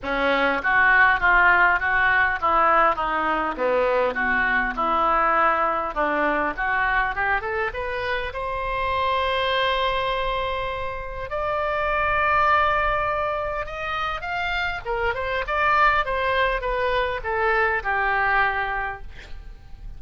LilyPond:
\new Staff \with { instrumentName = "oboe" } { \time 4/4 \tempo 4 = 101 cis'4 fis'4 f'4 fis'4 | e'4 dis'4 b4 fis'4 | e'2 d'4 fis'4 | g'8 a'8 b'4 c''2~ |
c''2. d''4~ | d''2. dis''4 | f''4 ais'8 c''8 d''4 c''4 | b'4 a'4 g'2 | }